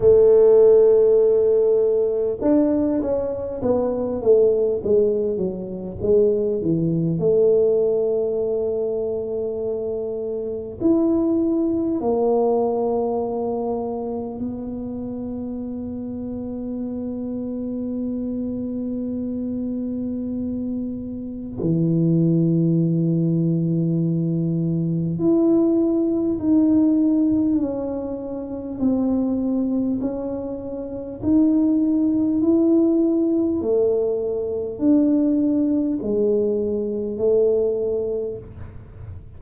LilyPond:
\new Staff \with { instrumentName = "tuba" } { \time 4/4 \tempo 4 = 50 a2 d'8 cis'8 b8 a8 | gis8 fis8 gis8 e8 a2~ | a4 e'4 ais2 | b1~ |
b2 e2~ | e4 e'4 dis'4 cis'4 | c'4 cis'4 dis'4 e'4 | a4 d'4 gis4 a4 | }